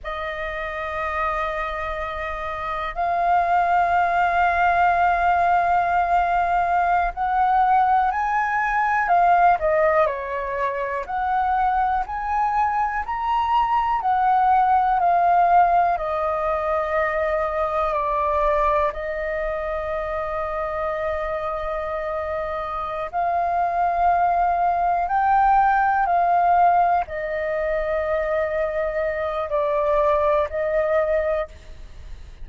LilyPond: \new Staff \with { instrumentName = "flute" } { \time 4/4 \tempo 4 = 61 dis''2. f''4~ | f''2.~ f''16 fis''8.~ | fis''16 gis''4 f''8 dis''8 cis''4 fis''8.~ | fis''16 gis''4 ais''4 fis''4 f''8.~ |
f''16 dis''2 d''4 dis''8.~ | dis''2.~ dis''8 f''8~ | f''4. g''4 f''4 dis''8~ | dis''2 d''4 dis''4 | }